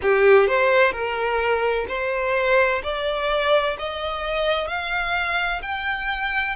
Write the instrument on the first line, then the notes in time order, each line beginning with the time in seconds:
violin
0.02 G4
0.47 C5
0.92 A#4
1.88 C5
2.83 D5
3.78 D#5
4.67 F5
5.62 G5